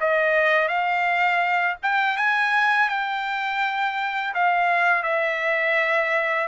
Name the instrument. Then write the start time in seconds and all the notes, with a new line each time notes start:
trumpet
0.00 D#5
0.68 F5
1.82 G5
2.17 G#5
2.88 G5
4.34 F5
5.03 E5